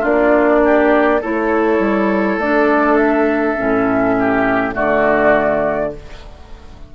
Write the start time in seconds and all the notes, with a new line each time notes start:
0.00 A#3 D4 F4 D5
0.64 G4
1.21 A3 E4 A4 C#5
1.79 G3
2.37 A3 D4 D5
2.97 E5
3.57 A2 C#4
4.19 G4
4.73 D3 A3 F#4 D5